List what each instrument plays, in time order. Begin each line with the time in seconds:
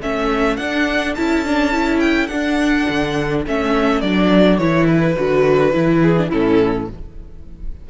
0.00 cello A3, viola C#4, violin A4 E5
0.57 cello D4, viola D4, violin F#5
1.15 cello C#4, viola E4, violin A5
1.46 viola D4
1.72 viola E4
2.00 violin G5
2.27 cello D4, viola D4, violin F#5
2.89 cello D3
3.47 cello A3, viola C#4, violin E5
4.01 cello F#3, viola D4, violin D5
4.58 cello E3, viola E4, violin C#5
4.86 violin B4
5.16 cello D3, viola F#4
5.72 cello E3, viola E4
6.02 violin G#4
6.18 viola D4
6.30 cello A2, viola C#4, violin E4 A4